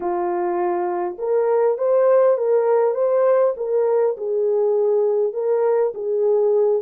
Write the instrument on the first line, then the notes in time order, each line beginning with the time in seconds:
horn
0.00 F4
1.18 A#4
1.78 C5
2.37 A#4
2.94 C5
3.56 A#4
4.17 G#4
5.33 A#4
5.94 G#4